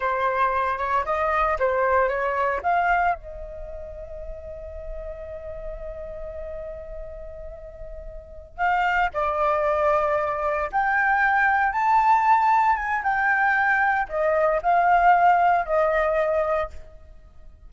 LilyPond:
\new Staff \with { instrumentName = "flute" } { \time 4/4 \tempo 4 = 115 c''4. cis''8 dis''4 c''4 | cis''4 f''4 dis''2~ | dis''1~ | dis''1~ |
dis''8 f''4 d''2~ d''8~ | d''8 g''2 a''4.~ | a''8 gis''8 g''2 dis''4 | f''2 dis''2 | }